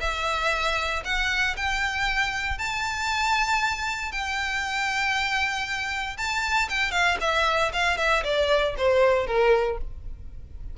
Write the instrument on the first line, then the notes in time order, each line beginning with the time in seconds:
violin
0.00 E5
1.04 F#5
1.57 G5
2.58 A5
4.12 G5
6.17 A5
6.69 G5
6.91 F5
7.20 E5
7.73 F5
7.97 E5
8.24 D5
8.77 C5
9.26 A#4